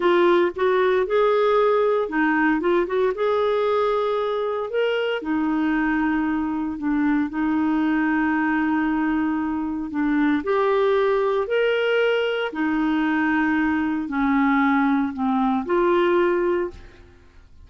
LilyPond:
\new Staff \with { instrumentName = "clarinet" } { \time 4/4 \tempo 4 = 115 f'4 fis'4 gis'2 | dis'4 f'8 fis'8 gis'2~ | gis'4 ais'4 dis'2~ | dis'4 d'4 dis'2~ |
dis'2. d'4 | g'2 ais'2 | dis'2. cis'4~ | cis'4 c'4 f'2 | }